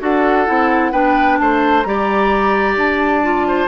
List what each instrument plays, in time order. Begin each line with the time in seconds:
0.00 bassoon D4, clarinet F#4, oboe A4, flute F#5
0.46 bassoon C4, clarinet E4
0.92 bassoon B3, clarinet D4, oboe B4, flute G5
1.39 bassoon A3, oboe C5, flute A5
1.82 bassoon G3, clarinet G4, oboe D5, flute A#5
2.75 bassoon D4, flute A5
3.23 clarinet F4
3.47 oboe C5